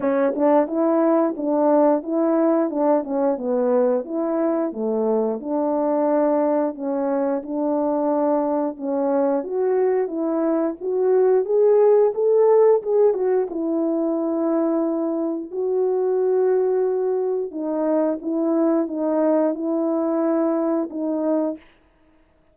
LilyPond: \new Staff \with { instrumentName = "horn" } { \time 4/4 \tempo 4 = 89 cis'8 d'8 e'4 d'4 e'4 | d'8 cis'8 b4 e'4 a4 | d'2 cis'4 d'4~ | d'4 cis'4 fis'4 e'4 |
fis'4 gis'4 a'4 gis'8 fis'8 | e'2. fis'4~ | fis'2 dis'4 e'4 | dis'4 e'2 dis'4 | }